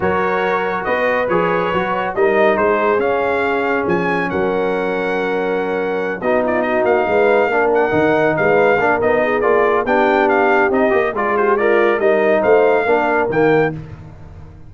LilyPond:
<<
  \new Staff \with { instrumentName = "trumpet" } { \time 4/4 \tempo 4 = 140 cis''2 dis''4 cis''4~ | cis''4 dis''4 c''4 f''4~ | f''4 gis''4 fis''2~ | fis''2~ fis''8 dis''8 d''8 dis''8 |
f''2 fis''4. f''8~ | f''4 dis''4 d''4 g''4 | f''4 dis''4 d''8 c''8 d''4 | dis''4 f''2 g''4 | }
  \new Staff \with { instrumentName = "horn" } { \time 4/4 ais'2 b'2~ | b'4 ais'4 gis'2~ | gis'2 ais'2~ | ais'2~ ais'8 fis'8 f'8 fis'8~ |
fis'8 b'4 ais'2 b'8~ | b'8 ais'4 gis'4. g'4~ | g'2 gis'8 g'8 f'4 | ais'4 c''4 ais'2 | }
  \new Staff \with { instrumentName = "trombone" } { \time 4/4 fis'2. gis'4 | fis'4 dis'2 cis'4~ | cis'1~ | cis'2~ cis'8 dis'4.~ |
dis'4. d'4 dis'4.~ | dis'8 d'8 dis'4 f'4 d'4~ | d'4 dis'8 g'8 f'4 ais'4 | dis'2 d'4 ais4 | }
  \new Staff \with { instrumentName = "tuba" } { \time 4/4 fis2 b4 f4 | fis4 g4 gis4 cis'4~ | cis'4 f4 fis2~ | fis2~ fis8 b4. |
ais8 gis4 ais4 dis4 gis8~ | gis8 ais8 b4 ais4 b4~ | b4 c'8 ais8 gis2 | g4 a4 ais4 dis4 | }
>>